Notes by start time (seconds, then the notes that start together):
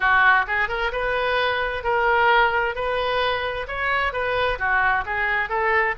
0.00 F#4
0.47 G#4
0.68 A#4
0.91 B4
1.83 A#4
2.75 B4
3.67 C#5
4.12 B4
4.58 F#4
5.05 G#4
5.49 A4